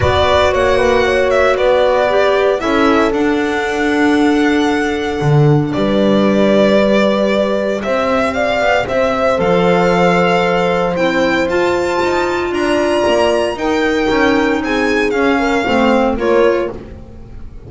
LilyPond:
<<
  \new Staff \with { instrumentName = "violin" } { \time 4/4 \tempo 4 = 115 d''4 fis''4. e''8 d''4~ | d''4 e''4 fis''2~ | fis''2. d''4~ | d''2. e''4 |
f''4 e''4 f''2~ | f''4 g''4 a''2 | ais''2 g''2 | gis''4 f''2 cis''4 | }
  \new Staff \with { instrumentName = "horn" } { \time 4/4 b'4 cis''8 b'8 cis''4 b'4~ | b'4 a'2.~ | a'2. b'4~ | b'2. c''4 |
d''4 c''2.~ | c''1 | d''2 ais'2 | gis'4. ais'8 c''4 ais'4 | }
  \new Staff \with { instrumentName = "clarinet" } { \time 4/4 fis'1 | g'4 e'4 d'2~ | d'1~ | d'4 g'2.~ |
g'2 a'2~ | a'4 e'4 f'2~ | f'2 dis'2~ | dis'4 cis'4 c'4 f'4 | }
  \new Staff \with { instrumentName = "double bass" } { \time 4/4 b4 ais2 b4~ | b4 cis'4 d'2~ | d'2 d4 g4~ | g2. c'4~ |
c'8 b8 c'4 f2~ | f4 c'4 f'4 dis'4 | d'4 ais4 dis'4 cis'4 | c'4 cis'4 a4 ais4 | }
>>